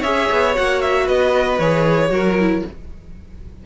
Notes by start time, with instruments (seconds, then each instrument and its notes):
0.00 cello C#4, viola G#4, violin C#5 E5
0.31 cello B3
0.55 cello A#3, viola F#4, violin F#5
0.81 violin E5
1.04 cello B3, violin B4 D#5
1.59 cello E3, viola G#4, violin C#5
2.10 cello F#3, viola F#4, violin A#4
2.40 viola E4